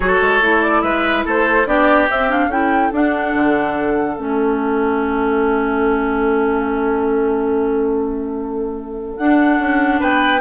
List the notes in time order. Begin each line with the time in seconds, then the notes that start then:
0.00 F#3 F#4 A4 C#5
0.21 G#3
0.41 A3 E4
0.62 D5
0.82 G#3 B4 E5
1.25 A3 A4 C5
1.66 B3 D4 G4 D5
2.09 C4 E5
2.29 D4 F5
2.47 C#4 E4 A4 G5
2.92 D4 F#5
3.34 D3
4.16 A3 C#4 E5
9.16 D4 F#5
9.59 C#4
9.99 B3 B4 G5